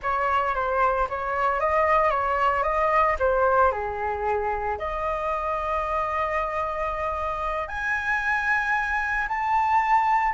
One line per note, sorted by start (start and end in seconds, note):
0.02 0.54 C#5
0.54 1.07 C5
1.09 1.60 C#5
1.60 2.10 D#5
2.10 2.63 C#5
2.63 3.16 D#5
3.19 3.71 C5
3.71 4.78 G#4
4.78 7.68 D#5
7.68 9.27 G#5
9.28 10.34 A5